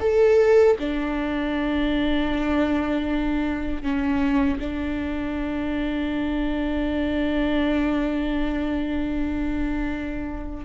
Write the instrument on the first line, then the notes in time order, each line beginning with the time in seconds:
viola
0.00 A4
0.79 D4
3.82 C#4
4.59 D4